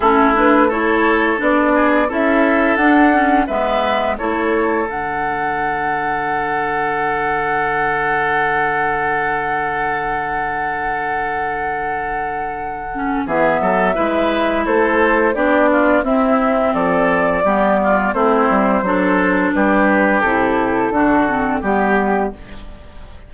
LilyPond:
<<
  \new Staff \with { instrumentName = "flute" } { \time 4/4 \tempo 4 = 86 a'8 b'8 cis''4 d''4 e''4 | fis''4 e''4 cis''4 fis''4~ | fis''1~ | fis''1~ |
fis''2. e''4~ | e''4 c''4 d''4 e''4 | d''2 c''2 | b'4 a'2 g'4 | }
  \new Staff \with { instrumentName = "oboe" } { \time 4/4 e'4 a'4. gis'8 a'4~ | a'4 b'4 a'2~ | a'1~ | a'1~ |
a'2. gis'8 a'8 | b'4 a'4 g'8 f'8 e'4 | a'4 g'8 f'8 e'4 a'4 | g'2 fis'4 g'4 | }
  \new Staff \with { instrumentName = "clarinet" } { \time 4/4 cis'8 d'8 e'4 d'4 e'4 | d'8 cis'8 b4 e'4 d'4~ | d'1~ | d'1~ |
d'2~ d'8 cis'8 b4 | e'2 d'4 c'4~ | c'4 b4 c'4 d'4~ | d'4 e'4 d'8 c'8 b4 | }
  \new Staff \with { instrumentName = "bassoon" } { \time 4/4 a2 b4 cis'4 | d'4 gis4 a4 d4~ | d1~ | d1~ |
d2. e8 fis8 | gis4 a4 b4 c'4 | f4 g4 a8 g8 fis4 | g4 c4 d4 g4 | }
>>